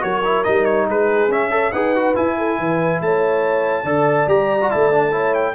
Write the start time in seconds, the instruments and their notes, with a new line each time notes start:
0.00 tuba F#3, trombone F#4, horn A#4, trumpet C#5
0.24 trombone E4
0.44 tuba G3, trombone D#4, trumpet D#5
0.65 trumpet C#5
0.87 tuba G#3, horn G#4, trumpet B4
1.28 tuba C#4, trombone C#4, trumpet E5
1.50 trombone A4, horn C#5
1.71 tuba D#4, trombone G#4, horn B4, trumpet F#5
1.95 trombone F#4
2.15 trombone E4, tuba E4, trumpet G#5
2.38 horn A4
2.58 tuba E3, horn B4
3.01 tuba A3, horn C#5, trumpet A5
3.83 tuba D3, trombone A4, horn D5
4.27 tuba G3, trombone G4, trumpet A#5
4.61 trombone F#4
4.70 tuba A3, trombone E4, trumpet A5
4.92 trombone D4
5.11 trombone E4, horn C#5
5.34 trumpet G5